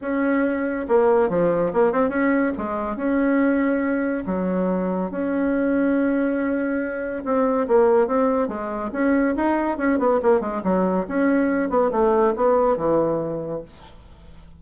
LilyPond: \new Staff \with { instrumentName = "bassoon" } { \time 4/4 \tempo 4 = 141 cis'2 ais4 f4 | ais8 c'8 cis'4 gis4 cis'4~ | cis'2 fis2 | cis'1~ |
cis'4 c'4 ais4 c'4 | gis4 cis'4 dis'4 cis'8 b8 | ais8 gis8 fis4 cis'4. b8 | a4 b4 e2 | }